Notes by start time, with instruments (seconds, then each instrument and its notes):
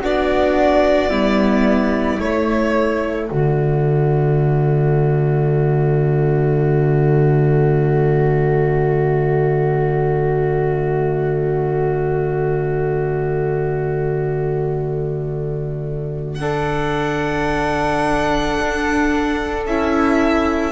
0.00 double bass B3, viola D4, flute F#4, violin D5
1.09 double bass G3, viola B3, flute E4
2.19 double bass A3, viola A3, violin C#5
3.27 double bass D3, flute F#4, violin D5
16.35 viola D4, flute A4, violin F#5
18.59 double bass D4
19.65 double bass C#4, viola E4, violin E5